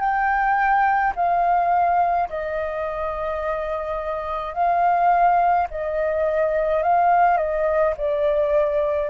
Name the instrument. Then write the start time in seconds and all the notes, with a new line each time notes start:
flute
0.00 G5
1.16 F5
2.29 D#5
4.54 F5
5.71 D#5
6.83 F5
7.37 D#5
7.97 D5